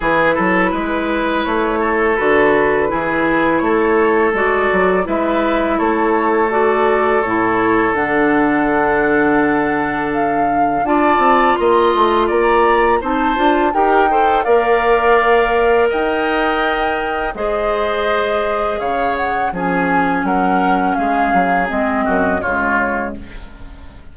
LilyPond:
<<
  \new Staff \with { instrumentName = "flute" } { \time 4/4 \tempo 4 = 83 b'2 cis''4 b'4~ | b'4 cis''4 d''4 e''4 | cis''4 d''4 cis''4 fis''4~ | fis''2 f''4 a''4 |
c'''4 ais''4 a''4 g''4 | f''2 g''2 | dis''2 f''8 fis''8 gis''4 | fis''4 f''4 dis''4 cis''4 | }
  \new Staff \with { instrumentName = "oboe" } { \time 4/4 gis'8 a'8 b'4. a'4. | gis'4 a'2 b'4 | a'1~ | a'2. d''4 |
dis''4 d''4 c''4 ais'8 c''8 | d''2 dis''2 | c''2 cis''4 gis'4 | ais'4 gis'4. fis'8 f'4 | }
  \new Staff \with { instrumentName = "clarinet" } { \time 4/4 e'2. fis'4 | e'2 fis'4 e'4~ | e'4 fis'4 e'4 d'4~ | d'2. f'4~ |
f'2 dis'8 f'8 g'8 a'8 | ais'1 | gis'2. cis'4~ | cis'2 c'4 gis4 | }
  \new Staff \with { instrumentName = "bassoon" } { \time 4/4 e8 fis8 gis4 a4 d4 | e4 a4 gis8 fis8 gis4 | a2 a,4 d4~ | d2. d'8 c'8 |
ais8 a8 ais4 c'8 d'8 dis'4 | ais2 dis'2 | gis2 cis4 f4 | fis4 gis8 fis8 gis8 fis,8 cis4 | }
>>